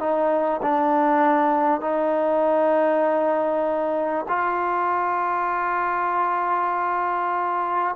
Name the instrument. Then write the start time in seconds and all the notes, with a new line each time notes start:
trombone
0.00 D#4
0.63 D4
1.81 D#4
4.29 F4